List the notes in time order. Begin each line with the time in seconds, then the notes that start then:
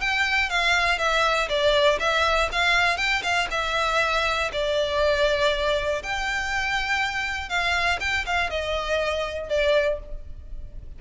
0.00 G5
0.49 F5
0.98 E5
1.48 D5
1.99 E5
2.51 F5
2.97 G5
3.22 F5
3.50 E5
4.52 D5
6.02 G5
7.49 F5
8.00 G5
8.26 F5
8.50 D#5
9.49 D5